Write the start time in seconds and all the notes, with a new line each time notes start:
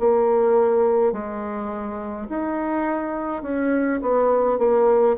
0.00 A#3
1.13 G#3
2.30 D#4
3.43 C#4
4.02 B3
4.58 A#3